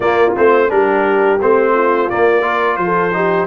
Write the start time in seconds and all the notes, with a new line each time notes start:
0.00 A#3 F4 D5
0.36 A3 C4 C5
0.68 G3 D4 G4 A#4
1.41 A3 C4 C5
1.73 F4
2.09 A#3 D5
2.41 F4 A#4
2.76 F3 C5
2.83 A4
3.13 D#4 G4